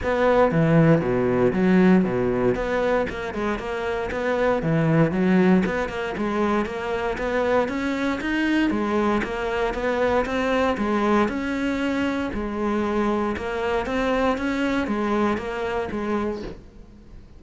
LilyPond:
\new Staff \with { instrumentName = "cello" } { \time 4/4 \tempo 4 = 117 b4 e4 b,4 fis4 | b,4 b4 ais8 gis8 ais4 | b4 e4 fis4 b8 ais8 | gis4 ais4 b4 cis'4 |
dis'4 gis4 ais4 b4 | c'4 gis4 cis'2 | gis2 ais4 c'4 | cis'4 gis4 ais4 gis4 | }